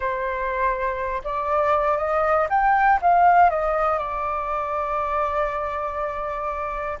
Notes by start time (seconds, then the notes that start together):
0.00 C5
1.24 D5
1.97 D#5
2.49 G5
3.01 F5
3.50 D#5
3.98 D5